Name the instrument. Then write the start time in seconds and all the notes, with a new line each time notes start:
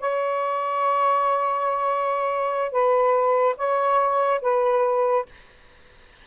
saxophone
0.00 C#5
2.72 B4
3.57 C#5
4.42 B4